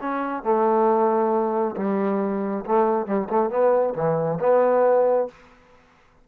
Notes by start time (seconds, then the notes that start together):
0.00 C#4
0.43 A3
1.76 G3
2.65 A3
3.06 G3
3.29 A3
3.50 B3
3.94 E3
4.40 B3